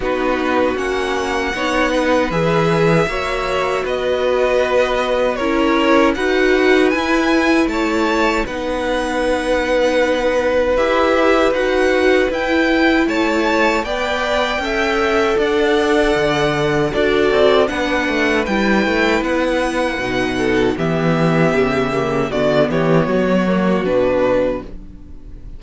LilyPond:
<<
  \new Staff \with { instrumentName = "violin" } { \time 4/4 \tempo 4 = 78 b'4 fis''2 e''4~ | e''4 dis''2 cis''4 | fis''4 gis''4 a''4 fis''4~ | fis''2 e''4 fis''4 |
g''4 a''4 g''2 | fis''2 d''4 fis''4 | g''4 fis''2 e''4~ | e''4 d''8 cis''4. b'4 | }
  \new Staff \with { instrumentName = "violin" } { \time 4/4 fis'2 cis''8 b'4. | cis''4 b'2 ais'4 | b'2 cis''4 b'4~ | b'1~ |
b'4 cis''4 d''4 e''4 | d''2 a'4 b'4~ | b'2~ b'8 a'8 g'4~ | g'4 fis'8 g'8 fis'2 | }
  \new Staff \with { instrumentName = "viola" } { \time 4/4 dis'4 cis'4 dis'4 gis'4 | fis'2. e'4 | fis'4 e'2 dis'4~ | dis'2 g'4 fis'4 |
e'2 b'4 a'4~ | a'2 fis'4 d'4 | e'2 dis'4 b4~ | b8 ais8 b4. ais8 d'4 | }
  \new Staff \with { instrumentName = "cello" } { \time 4/4 b4 ais4 b4 e4 | ais4 b2 cis'4 | dis'4 e'4 a4 b4~ | b2 e'4 dis'4 |
e'4 a4 b4 cis'4 | d'4 d4 d'8 c'8 b8 a8 | g8 a8 b4 b,4 e4 | cis4 d8 e8 fis4 b,4 | }
>>